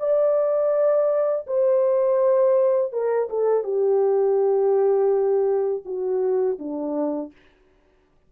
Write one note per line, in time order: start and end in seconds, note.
0.00 1.46 D5
1.47 2.93 C5
2.93 3.29 A#4
3.30 3.64 A4
3.64 5.83 G4
5.86 6.59 F#4
6.59 7.32 D4